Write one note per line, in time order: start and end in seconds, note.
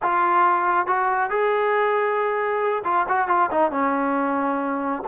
0.02 0.86 F4
0.86 1.30 F#4
1.30 2.83 G#4
2.84 3.06 F4
3.08 3.28 F#4
3.28 3.50 F4
3.50 3.71 D#4
3.71 5.02 C#4